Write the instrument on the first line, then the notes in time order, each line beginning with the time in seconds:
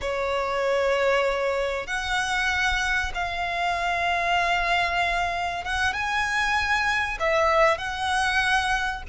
violin
0.01 C#5
1.87 F#5
3.14 F5
5.64 F#5
5.93 G#5
7.19 E5
7.78 F#5